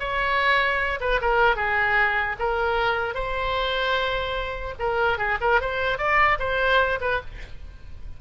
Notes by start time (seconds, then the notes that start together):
0.00 C#5
1.01 B4
1.21 A#4
1.56 G#4
2.39 A#4
3.15 C5
4.80 A#4
5.18 G#4
5.41 A#4
5.61 C5
5.98 D5
6.40 C5
7.01 B4